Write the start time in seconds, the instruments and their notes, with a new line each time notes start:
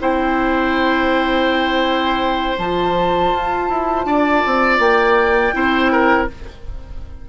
0.00 bassoon C4, clarinet E4, oboe C5, flute G5
2.57 bassoon F3, clarinet F4, flute A5
3.33 bassoon F4
3.69 bassoon E4
4.05 bassoon D4, oboe D5
4.46 bassoon C4
4.79 bassoon A#3, flute G5
5.53 bassoon C4, clarinet E4, oboe C5
5.92 oboe A#4